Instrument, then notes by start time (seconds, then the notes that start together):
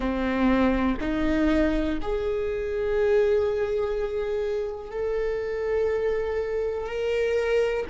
viola
0.00 C4
1.00 D#4
2.01 G#4
4.90 A4
6.86 A#4